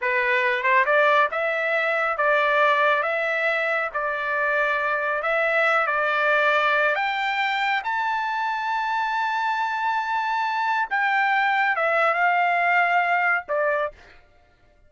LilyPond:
\new Staff \with { instrumentName = "trumpet" } { \time 4/4 \tempo 4 = 138 b'4. c''8 d''4 e''4~ | e''4 d''2 e''4~ | e''4 d''2. | e''4. d''2~ d''8 |
g''2 a''2~ | a''1~ | a''4 g''2 e''4 | f''2. d''4 | }